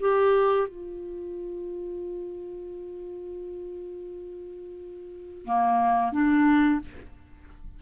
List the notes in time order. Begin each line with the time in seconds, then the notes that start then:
0.00 G4
0.68 F4
5.45 A#3
6.12 D4